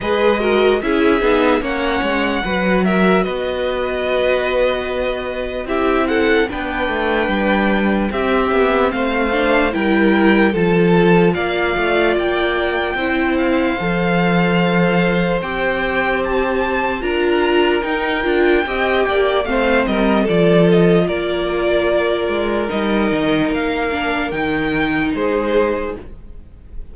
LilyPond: <<
  \new Staff \with { instrumentName = "violin" } { \time 4/4 \tempo 4 = 74 dis''4 e''4 fis''4. e''8 | dis''2. e''8 fis''8 | g''2 e''4 f''4 | g''4 a''4 f''4 g''4~ |
g''8 f''2~ f''8 g''4 | a''4 ais''4 g''2 | f''8 dis''8 d''8 dis''8 d''2 | dis''4 f''4 g''4 c''4 | }
  \new Staff \with { instrumentName = "violin" } { \time 4/4 b'8 ais'8 gis'4 cis''4 b'8 ais'8 | b'2. g'8 a'8 | b'2 g'4 c''4 | ais'4 a'4 d''2 |
c''1~ | c''4 ais'2 dis''8 d''8 | c''8 ais'8 a'4 ais'2~ | ais'2. gis'4 | }
  \new Staff \with { instrumentName = "viola" } { \time 4/4 gis'8 fis'8 e'8 dis'8 cis'4 fis'4~ | fis'2. e'4 | d'2 c'4. d'8 | e'4 f'2. |
e'4 a'2 g'4~ | g'4 f'4 dis'8 f'8 g'4 | c'4 f'2. | dis'4. d'8 dis'2 | }
  \new Staff \with { instrumentName = "cello" } { \time 4/4 gis4 cis'8 b8 ais8 gis8 fis4 | b2. c'4 | b8 a8 g4 c'8 b8 a4 | g4 f4 ais8 a8 ais4 |
c'4 f2 c'4~ | c'4 d'4 dis'8 d'8 c'8 ais8 | a8 g8 f4 ais4. gis8 | g8 dis8 ais4 dis4 gis4 | }
>>